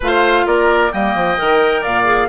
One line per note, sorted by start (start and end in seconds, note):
0.00 0.46 A3
0.00 0.91 F4
0.00 0.45 C5
0.00 0.46 F5
0.46 0.92 A#3
0.46 0.92 A#4
0.46 0.92 D5
0.91 1.15 G3
0.91 1.37 A#3
0.91 1.81 D#5
0.91 1.83 G5
1.15 1.38 F3
1.37 1.85 D#3
1.37 2.04 A#4
1.81 2.29 A#2
1.81 2.27 D5
1.81 2.29 F5
2.04 2.27 G#4